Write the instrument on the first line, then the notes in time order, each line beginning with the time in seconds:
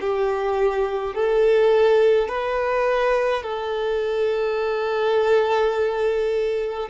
violin
0.00 G4
1.14 A4
2.28 B4
3.42 A4